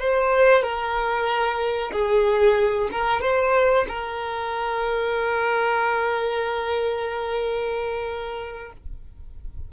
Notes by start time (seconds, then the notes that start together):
0.00 C5
0.63 A#4
1.93 G#4
2.92 A#4
3.22 C5
3.89 A#4